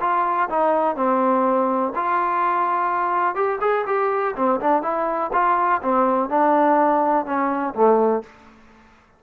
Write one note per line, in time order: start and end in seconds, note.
0.00 0.48 F4
0.49 0.96 D#4
0.96 1.92 C4
1.95 3.35 F4
3.35 3.59 G4
3.60 3.85 G#4
3.86 4.34 G4
4.35 4.60 C4
4.60 4.82 D4
4.82 5.30 E4
5.32 5.81 F4
5.82 6.29 C4
6.29 7.25 D4
7.25 7.74 C#4
7.74 8.22 A3